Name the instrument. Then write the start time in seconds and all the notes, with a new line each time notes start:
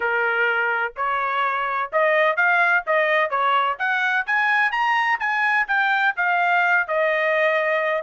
trumpet
0.00 A#4
0.96 C#5
1.92 D#5
2.36 F5
2.86 D#5
3.30 C#5
3.79 F#5
4.26 G#5
4.71 A#5
5.19 G#5
5.67 G5
6.16 F5
6.87 D#5